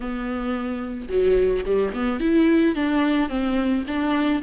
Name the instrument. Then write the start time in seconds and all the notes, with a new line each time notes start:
viola
0.00 B3
1.08 F#3
1.65 G3
1.93 B3
2.20 E4
2.75 D4
3.29 C4
3.87 D4